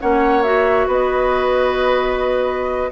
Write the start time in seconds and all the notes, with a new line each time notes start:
0.00 A#3 C#4 C#5 F#5
0.42 F#4 E5
0.87 B3 B4 D#5